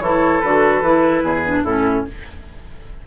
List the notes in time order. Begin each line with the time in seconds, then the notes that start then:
0.00 E3 E4 A4 C#5
0.41 D3 F#4 B4
0.82 E3 E4
1.23 E2 G#4
1.45 D4
1.63 A2 C#4 E4 A4